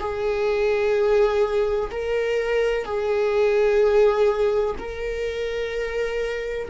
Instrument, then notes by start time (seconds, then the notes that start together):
viola
0.00 G#4
1.91 A#4
2.85 G#4
4.79 A#4